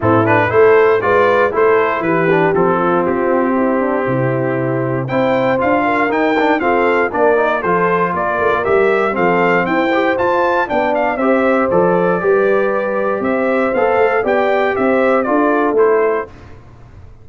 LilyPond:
<<
  \new Staff \with { instrumentName = "trumpet" } { \time 4/4 \tempo 4 = 118 a'8 b'8 c''4 d''4 c''4 | b'4 a'4 g'2~ | g'2 g''4 f''4 | g''4 f''4 d''4 c''4 |
d''4 e''4 f''4 g''4 | a''4 g''8 f''8 e''4 d''4~ | d''2 e''4 f''4 | g''4 e''4 d''4 c''4 | }
  \new Staff \with { instrumentName = "horn" } { \time 4/4 e'4 a'4 b'4 a'4 | g'4. f'4. e'8 d'8 | e'2 c''4. ais'8~ | ais'4 a'4 ais'4 a'4 |
ais'2 a'4 c''4~ | c''4 d''4 c''2 | b'2 c''2 | d''4 c''4 a'2 | }
  \new Staff \with { instrumentName = "trombone" } { \time 4/4 c'8 d'8 e'4 f'4 e'4~ | e'8 d'8 c'2.~ | c'2 e'4 f'4 | dis'8 d'8 c'4 d'8 dis'8 f'4~ |
f'4 g'4 c'4. g'8 | f'4 d'4 g'4 a'4 | g'2. a'4 | g'2 f'4 e'4 | }
  \new Staff \with { instrumentName = "tuba" } { \time 4/4 a,4 a4 gis4 a4 | e4 f4 c'2 | c2 c'4 d'4 | dis'4 f'4 ais4 f4 |
ais8 a16 ais16 g4 f4 e'4 | f'4 b4 c'4 f4 | g2 c'4 b8 a8 | b4 c'4 d'4 a4 | }
>>